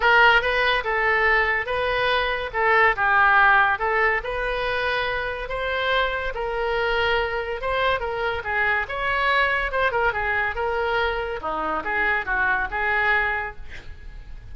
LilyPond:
\new Staff \with { instrumentName = "oboe" } { \time 4/4 \tempo 4 = 142 ais'4 b'4 a'2 | b'2 a'4 g'4~ | g'4 a'4 b'2~ | b'4 c''2 ais'4~ |
ais'2 c''4 ais'4 | gis'4 cis''2 c''8 ais'8 | gis'4 ais'2 dis'4 | gis'4 fis'4 gis'2 | }